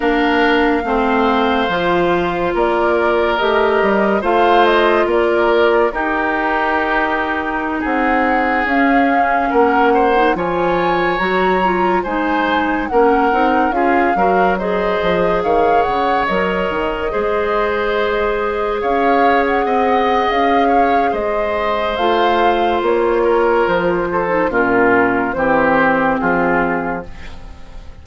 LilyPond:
<<
  \new Staff \with { instrumentName = "flute" } { \time 4/4 \tempo 4 = 71 f''2. d''4 | dis''4 f''8 dis''8 d''4 ais'4~ | ais'4~ ais'16 fis''4 f''4 fis''8.~ | fis''16 gis''4 ais''4 gis''4 fis''8.~ |
fis''16 f''4 dis''4 f''8 fis''8 dis''8.~ | dis''2~ dis''16 f''8. fis''4 | f''4 dis''4 f''4 cis''4 | c''4 ais'4 c''4 gis'4 | }
  \new Staff \with { instrumentName = "oboe" } { \time 4/4 ais'4 c''2 ais'4~ | ais'4 c''4 ais'4 g'4~ | g'4~ g'16 gis'2 ais'8 c''16~ | c''16 cis''2 c''4 ais'8.~ |
ais'16 gis'8 ais'8 c''4 cis''4.~ cis''16~ | cis''16 c''2 cis''4 dis''8.~ | dis''8 cis''8 c''2~ c''8 ais'8~ | ais'8 a'8 f'4 g'4 f'4 | }
  \new Staff \with { instrumentName = "clarinet" } { \time 4/4 d'4 c'4 f'2 | g'4 f'2 dis'4~ | dis'2~ dis'16 cis'4.~ cis'16 | dis'16 f'4 fis'8 f'8 dis'4 cis'8 dis'16~ |
dis'16 f'8 fis'8 gis'2 ais'8.~ | ais'16 gis'2.~ gis'8.~ | gis'2 f'2~ | f'8. dis'16 cis'4 c'2 | }
  \new Staff \with { instrumentName = "bassoon" } { \time 4/4 ais4 a4 f4 ais4 | a8 g8 a4 ais4 dis'4~ | dis'4~ dis'16 c'4 cis'4 ais8.~ | ais16 f4 fis4 gis4 ais8 c'16~ |
c'16 cis'8 fis4 f8 dis8 cis8 fis8 dis16~ | dis16 gis2 cis'4 c'8. | cis'4 gis4 a4 ais4 | f4 ais,4 e4 f4 | }
>>